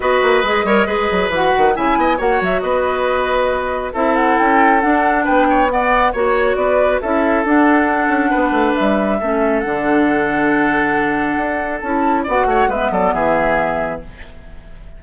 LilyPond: <<
  \new Staff \with { instrumentName = "flute" } { \time 4/4 \tempo 4 = 137 dis''2. fis''4 | gis''4 fis''8 e''8 dis''2~ | dis''4 e''8 fis''8 g''4 fis''4 | g''4 fis''4 cis''4 d''4 |
e''4 fis''2. | e''2 fis''2~ | fis''2. a''4 | fis''4 e''8 d''8 e''2 | }
  \new Staff \with { instrumentName = "oboe" } { \time 4/4 b'4. cis''8 b'2 | e''8 dis''8 cis''4 b'2~ | b'4 a'2. | b'8 cis''8 d''4 cis''4 b'4 |
a'2. b'4~ | b'4 a'2.~ | a'1 | d''8 cis''8 b'8 a'8 gis'2 | }
  \new Staff \with { instrumentName = "clarinet" } { \time 4/4 fis'4 gis'8 ais'8 gis'4 fis'4 | e'4 fis'2.~ | fis'4 e'2 d'4~ | d'4 b4 fis'2 |
e'4 d'2.~ | d'4 cis'4 d'2~ | d'2. e'4 | fis'4 b2. | }
  \new Staff \with { instrumentName = "bassoon" } { \time 4/4 b8 ais8 gis8 g8 gis8 fis8 e8 dis8 | cis8 b8 ais8 fis8 b2~ | b4 c'4 cis'4 d'4 | b2 ais4 b4 |
cis'4 d'4. cis'8 b8 a8 | g4 a4 d2~ | d2 d'4 cis'4 | b8 a8 gis8 fis8 e2 | }
>>